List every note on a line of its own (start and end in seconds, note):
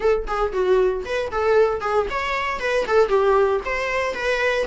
0.00 0.26 A4
0.27 0.52 G#4
0.52 1.04 F#4
1.05 1.30 B4
1.31 1.81 A4
1.81 2.06 G#4
2.10 2.59 C#5
2.59 2.85 B4
2.87 3.08 A4
3.08 3.60 G4
3.65 4.14 C5
4.14 4.66 B4